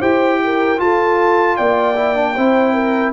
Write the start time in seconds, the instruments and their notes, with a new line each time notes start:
0.00 tuba E4, trombone G4, horn C5, trumpet G5
0.44 horn A#4
0.78 trombone F4, tuba F4, horn A4, trumpet A5
1.57 tuba A#3, horn D5, trumpet G5
1.96 trombone E4
2.15 trombone D4
2.35 tuba C4, trombone E4, horn C5
2.74 horn A#4